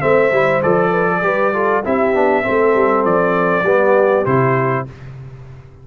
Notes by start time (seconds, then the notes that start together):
0.00 A3 C4 C5 E5
0.31 G3 E4
0.62 F3 A4 D5
0.91 B4
1.07 A4
1.22 G3 G4 B4
1.53 F4 A4
1.83 C4 E4 G4 E5
2.14 B3 D4
2.43 A3 C4 A4
2.74 G3
3.04 F3 D5
3.62 G3 B3 G4
4.25 C3 E4 C5